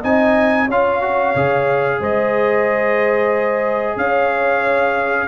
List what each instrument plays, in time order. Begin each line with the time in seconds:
0.00 tuba C4, trombone D#4, horn D#5, trumpet G#5
0.66 tuba C#4, trombone F4, horn C#5, trumpet F5
1.02 trombone F#4
1.35 tuba C#3, trombone G#4
2.00 tuba G#3, horn C5, trumpet D#5
3.97 tuba C#4, horn C#5, trumpet F5